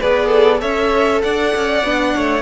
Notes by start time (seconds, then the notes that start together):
0.00 B3 G#4 B4 D5
0.28 A4
0.60 C#4 A4 C#5 E5
1.22 D4 D5 F#5
1.56 C#4
1.84 B3 D4
2.16 A3 C#5